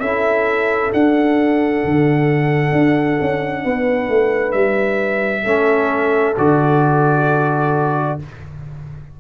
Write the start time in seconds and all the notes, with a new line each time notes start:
0.00 C#4 E4 A4 E5
0.90 D4 F#5
1.85 D3
2.72 D4
3.21 C#4
3.64 B3 B4
4.09 A3
4.52 G3 E5
5.43 A3 C#4 A4
6.37 D3 F#4 D5